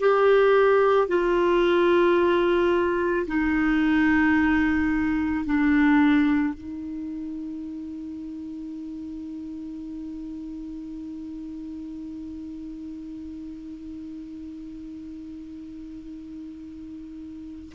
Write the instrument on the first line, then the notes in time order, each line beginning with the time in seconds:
clarinet
0.00 G4
1.08 F4
3.27 D#4
5.45 D4
6.54 D#4